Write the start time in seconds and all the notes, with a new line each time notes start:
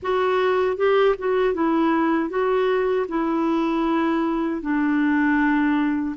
0.02 F#4
0.77 G4
1.18 F#4
1.53 E4
2.29 F#4
3.08 E4
4.61 D4